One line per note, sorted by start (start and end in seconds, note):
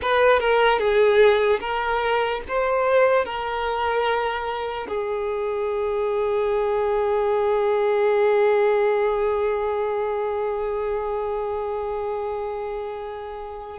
0.02 0.39 B4
0.39 0.78 A#4
0.78 1.59 G#4
1.60 2.41 A#4
2.47 3.25 C5
3.25 4.87 A#4
4.88 13.78 G#4